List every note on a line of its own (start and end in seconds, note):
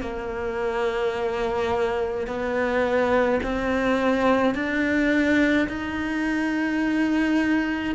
0.00 2.26 A#3
2.27 3.40 B3
3.43 4.54 C4
4.54 5.68 D4
5.68 7.95 D#4